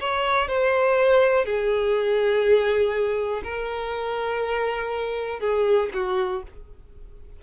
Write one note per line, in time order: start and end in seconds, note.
0.00 0.48 C#5
0.48 1.45 C5
1.45 3.42 G#4
3.43 5.40 A#4
5.40 5.89 G#4
5.94 6.43 F#4